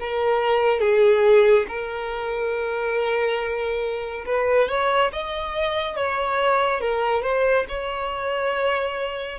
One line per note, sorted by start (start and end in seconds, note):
0.00 0.81 A#4
0.81 1.66 G#4
1.68 4.25 A#4
4.26 4.69 B4
4.69 5.12 C#5
5.13 5.96 D#5
5.96 6.81 C#5
6.81 7.23 A#4
7.23 7.66 C5
7.69 9.39 C#5